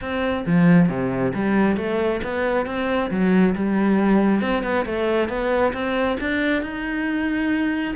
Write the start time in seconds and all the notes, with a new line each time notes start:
0.01 C4
0.46 F3
0.88 C3
1.34 G3
1.76 A3
2.23 B3
2.66 C4
3.10 F#3
3.55 G3
4.41 C4
4.63 B3
4.85 A3
5.28 B3
5.73 C4
6.20 D4
6.62 D#4